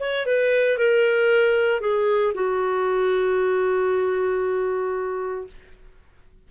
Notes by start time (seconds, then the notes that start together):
0.00 C#5
0.26 B4
0.78 A#4
1.81 G#4
2.34 F#4